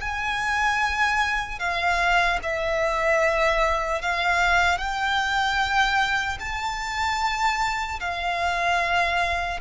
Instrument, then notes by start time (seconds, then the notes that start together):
violin
0.00 G#5
1.59 F5
2.43 E5
4.01 F5
4.78 G5
6.39 A5
8.00 F5